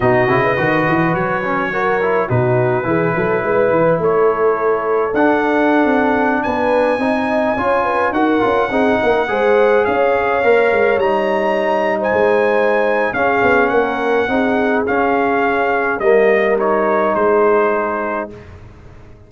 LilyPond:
<<
  \new Staff \with { instrumentName = "trumpet" } { \time 4/4 \tempo 4 = 105 dis''2 cis''2 | b'2. cis''4~ | cis''4 fis''2~ fis''16 gis''8.~ | gis''2~ gis''16 fis''4.~ fis''16~ |
fis''4~ fis''16 f''2 ais''8.~ | ais''4 gis''2 f''4 | fis''2 f''2 | dis''4 cis''4 c''2 | }
  \new Staff \with { instrumentName = "horn" } { \time 4/4 fis'8. b'2~ b'16 ais'4 | fis'4 gis'8 a'8 b'4 a'4~ | a'2.~ a'16 b'8.~ | b'16 dis''4 cis''8 b'8 ais'4 gis'8 ais'16~ |
ais'16 c''4 cis''2~ cis''8.~ | cis''4 c''2 gis'4 | ais'4 gis'2. | ais'2 gis'2 | }
  \new Staff \with { instrumentName = "trombone" } { \time 4/4 dis'8 e'8 fis'4. cis'8 fis'8 e'8 | dis'4 e'2.~ | e'4 d'2.~ | d'16 dis'4 f'4 fis'8 f'8 dis'8.~ |
dis'16 gis'2 ais'4 dis'8.~ | dis'2. cis'4~ | cis'4 dis'4 cis'2 | ais4 dis'2. | }
  \new Staff \with { instrumentName = "tuba" } { \time 4/4 b,8 cis8 dis8 e8 fis2 | b,4 e8 fis8 gis8 e8 a4~ | a4 d'4~ d'16 c'4 b8.~ | b16 c'4 cis'4 dis'8 cis'8 c'8 ais16~ |
ais16 gis4 cis'4 ais8 gis8 g8.~ | g4~ g16 gis4.~ gis16 cis'8 b8 | ais4 c'4 cis'2 | g2 gis2 | }
>>